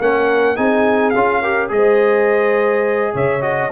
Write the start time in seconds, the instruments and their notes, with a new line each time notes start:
0.00 tuba A#3, trombone C#4, horn A#4, trumpet F#5
0.55 tuba C4, trombone D#4, horn G#4, trumpet G#5
1.09 tuba C#4, trombone F4, trumpet F5
1.41 trombone G4, horn A#4
1.68 tuba G#3, trombone G#4, horn C5, trumpet D#5
3.13 tuba C#3, horn C#5, trumpet E5
3.41 trombone F#4, trumpet D#5